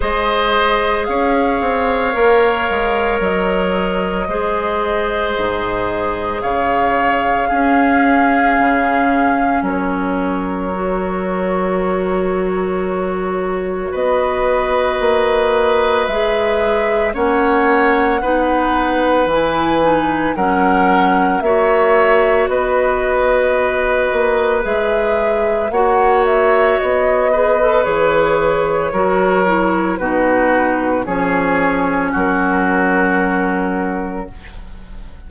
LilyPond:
<<
  \new Staff \with { instrumentName = "flute" } { \time 4/4 \tempo 4 = 56 dis''4 f''2 dis''4~ | dis''2 f''2~ | f''4 cis''2.~ | cis''4 dis''2 e''4 |
fis''2 gis''4 fis''4 | e''4 dis''2 e''4 | fis''8 e''8 dis''4 cis''2 | b'4 cis''4 ais'2 | }
  \new Staff \with { instrumentName = "oboe" } { \time 4/4 c''4 cis''2. | c''2 cis''4 gis'4~ | gis'4 ais'2.~ | ais'4 b'2. |
cis''4 b'2 ais'4 | cis''4 b'2. | cis''4. b'4. ais'4 | fis'4 gis'4 fis'2 | }
  \new Staff \with { instrumentName = "clarinet" } { \time 4/4 gis'2 ais'2 | gis'2. cis'4~ | cis'2 fis'2~ | fis'2. gis'4 |
cis'4 dis'4 e'8 dis'8 cis'4 | fis'2. gis'4 | fis'4. gis'16 a'16 gis'4 fis'8 e'8 | dis'4 cis'2. | }
  \new Staff \with { instrumentName = "bassoon" } { \time 4/4 gis4 cis'8 c'8 ais8 gis8 fis4 | gis4 gis,4 cis4 cis'4 | cis4 fis2.~ | fis4 b4 ais4 gis4 |
ais4 b4 e4 fis4 | ais4 b4. ais8 gis4 | ais4 b4 e4 fis4 | b,4 f4 fis2 | }
>>